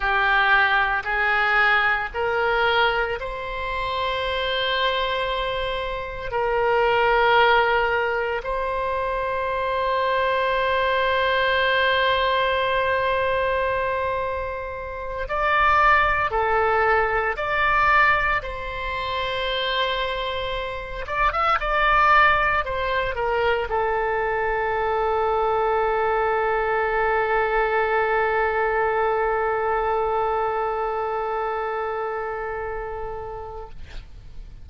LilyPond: \new Staff \with { instrumentName = "oboe" } { \time 4/4 \tempo 4 = 57 g'4 gis'4 ais'4 c''4~ | c''2 ais'2 | c''1~ | c''2~ c''8 d''4 a'8~ |
a'8 d''4 c''2~ c''8 | d''16 e''16 d''4 c''8 ais'8 a'4.~ | a'1~ | a'1 | }